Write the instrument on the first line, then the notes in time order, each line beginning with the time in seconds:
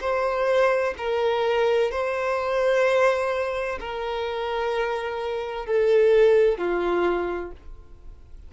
violin
0.00 C5
0.97 A#4
1.91 C5
3.80 A#4
5.66 A4
6.58 F4